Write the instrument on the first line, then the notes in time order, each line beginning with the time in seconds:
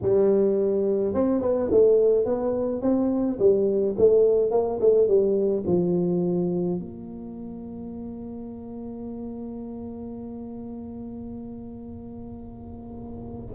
tuba
0.02 G3
1.13 C4
1.42 B3
1.71 A3
2.25 B3
2.81 C4
3.39 G3
3.98 A3
4.51 A#3
4.80 A3
5.07 G3
5.66 F3
6.79 A#3